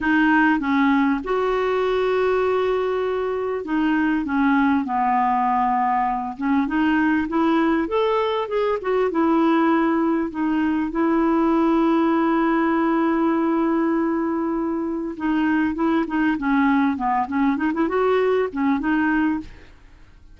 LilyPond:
\new Staff \with { instrumentName = "clarinet" } { \time 4/4 \tempo 4 = 99 dis'4 cis'4 fis'2~ | fis'2 dis'4 cis'4 | b2~ b8 cis'8 dis'4 | e'4 a'4 gis'8 fis'8 e'4~ |
e'4 dis'4 e'2~ | e'1~ | e'4 dis'4 e'8 dis'8 cis'4 | b8 cis'8 dis'16 e'16 fis'4 cis'8 dis'4 | }